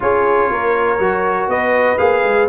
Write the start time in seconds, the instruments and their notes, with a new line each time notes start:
0.00 tuba C#4, trombone F4, horn G#4, trumpet C#5
0.50 tuba A#3, horn A#4
0.98 tuba F#3, trombone F#4
1.47 tuba B3, horn B4, trumpet D#5
1.98 tuba A#3, trombone G#4, trumpet F5
2.23 tuba G#3